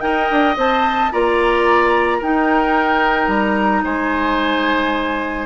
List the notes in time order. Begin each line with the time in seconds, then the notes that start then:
0.00 D#4 A#4 D#5 G5
0.31 D4
0.57 C4 C5 A5
1.12 A#3 F4 D5 A#5
2.18 D#4 A#4 G5
3.28 G3 A#5
3.84 G#3 C5 G#5